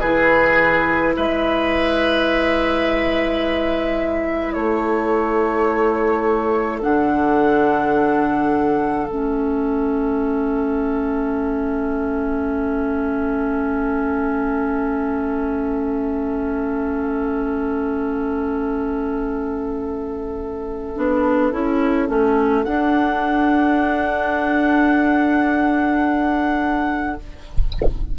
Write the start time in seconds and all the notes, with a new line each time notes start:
0.00 E3 E4 G#4 B4
1.17 G#3 B4 E5
4.53 A3 A4 C#5
6.82 D3 D4 F#5
9.07 A3 C#4 E5
20.96 B3 D4
21.52 C#4 E4
22.08 A3 C#4
22.64 D4 F#5